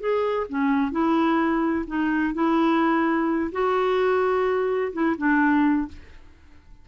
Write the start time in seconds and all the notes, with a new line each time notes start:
0.00 G#4
0.49 C#4
0.92 E4
1.87 D#4
2.34 E4
3.52 F#4
4.93 E4
5.18 D4